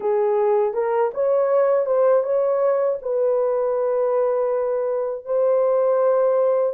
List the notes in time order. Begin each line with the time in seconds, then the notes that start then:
0.00 G#4
0.73 A#4
1.14 C#5
1.86 C5
2.23 C#5
3.02 B4
5.25 C5